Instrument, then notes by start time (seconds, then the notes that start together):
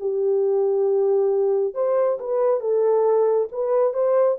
horn
0.00 G4
1.74 C5
2.20 B4
2.60 A4
3.52 B4
3.93 C5